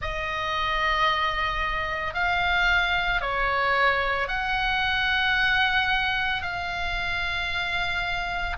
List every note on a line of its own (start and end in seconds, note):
0.01 2.14 D#5
2.14 3.21 F5
3.21 4.28 C#5
4.28 6.42 F#5
6.42 8.57 F5